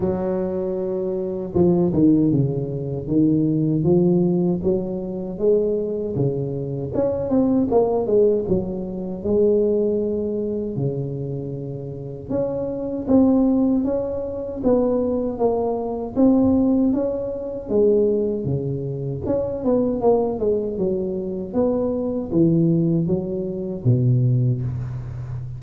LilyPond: \new Staff \with { instrumentName = "tuba" } { \time 4/4 \tempo 4 = 78 fis2 f8 dis8 cis4 | dis4 f4 fis4 gis4 | cis4 cis'8 c'8 ais8 gis8 fis4 | gis2 cis2 |
cis'4 c'4 cis'4 b4 | ais4 c'4 cis'4 gis4 | cis4 cis'8 b8 ais8 gis8 fis4 | b4 e4 fis4 b,4 | }